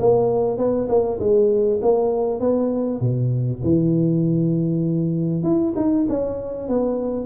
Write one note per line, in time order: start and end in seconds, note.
0.00 0.58 A#3
0.58 0.88 B3
0.89 1.19 A#3
1.20 1.80 G#3
1.82 2.40 A#3
2.40 3.01 B3
3.01 3.61 B2
3.64 5.43 E3
5.43 5.74 E4
5.76 6.07 D#4
6.09 6.69 C#4
6.69 7.26 B3